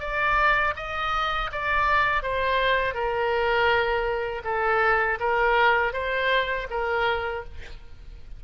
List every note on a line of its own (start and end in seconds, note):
0.00 0.74 D5
0.77 1.51 D#5
1.52 2.23 D5
2.23 2.95 C5
2.95 4.43 A#4
4.45 5.19 A4
5.20 5.94 A#4
5.94 6.68 C5
6.70 7.44 A#4